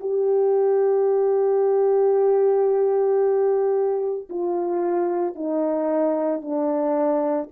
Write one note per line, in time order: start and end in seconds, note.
0.00 4.29 G4
4.30 5.35 F4
5.35 6.41 D#4
6.41 7.49 D4